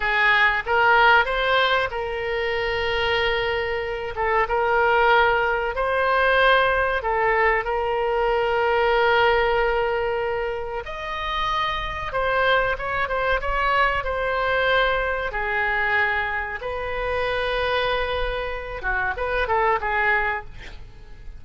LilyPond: \new Staff \with { instrumentName = "oboe" } { \time 4/4 \tempo 4 = 94 gis'4 ais'4 c''4 ais'4~ | ais'2~ ais'8 a'8 ais'4~ | ais'4 c''2 a'4 | ais'1~ |
ais'4 dis''2 c''4 | cis''8 c''8 cis''4 c''2 | gis'2 b'2~ | b'4. fis'8 b'8 a'8 gis'4 | }